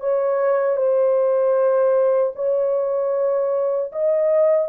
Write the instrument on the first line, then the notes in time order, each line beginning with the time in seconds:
horn
0.00 C#5
0.77 C5
2.35 C#5
3.92 D#5